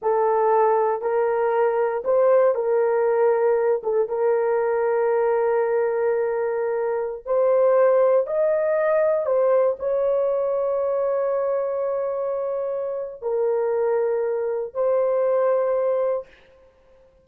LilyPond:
\new Staff \with { instrumentName = "horn" } { \time 4/4 \tempo 4 = 118 a'2 ais'2 | c''4 ais'2~ ais'8 a'8 | ais'1~ | ais'2~ ais'16 c''4.~ c''16~ |
c''16 dis''2 c''4 cis''8.~ | cis''1~ | cis''2 ais'2~ | ais'4 c''2. | }